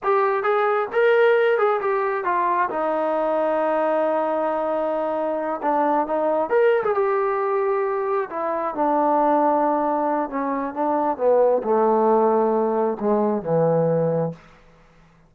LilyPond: \new Staff \with { instrumentName = "trombone" } { \time 4/4 \tempo 4 = 134 g'4 gis'4 ais'4. gis'8 | g'4 f'4 dis'2~ | dis'1~ | dis'8 d'4 dis'4 ais'8. gis'16 g'8~ |
g'2~ g'8 e'4 d'8~ | d'2. cis'4 | d'4 b4 a2~ | a4 gis4 e2 | }